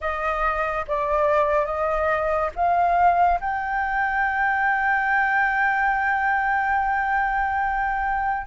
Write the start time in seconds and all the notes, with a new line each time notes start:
0.00 D#5
0.87 D5
1.65 D#5
2.55 F5
3.40 G5